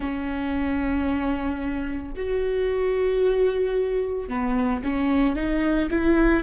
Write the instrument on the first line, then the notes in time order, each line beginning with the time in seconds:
viola
0.00 C#4
2.16 F#4
4.28 B3
4.83 C#4
5.35 D#4
5.90 E4